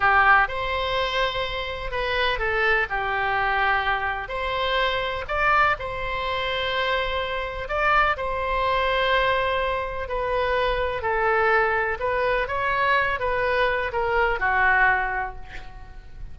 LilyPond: \new Staff \with { instrumentName = "oboe" } { \time 4/4 \tempo 4 = 125 g'4 c''2. | b'4 a'4 g'2~ | g'4 c''2 d''4 | c''1 |
d''4 c''2.~ | c''4 b'2 a'4~ | a'4 b'4 cis''4. b'8~ | b'4 ais'4 fis'2 | }